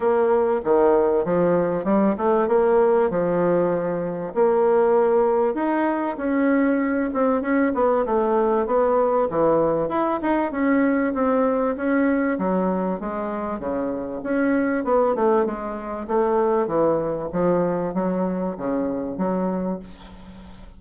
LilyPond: \new Staff \with { instrumentName = "bassoon" } { \time 4/4 \tempo 4 = 97 ais4 dis4 f4 g8 a8 | ais4 f2 ais4~ | ais4 dis'4 cis'4. c'8 | cis'8 b8 a4 b4 e4 |
e'8 dis'8 cis'4 c'4 cis'4 | fis4 gis4 cis4 cis'4 | b8 a8 gis4 a4 e4 | f4 fis4 cis4 fis4 | }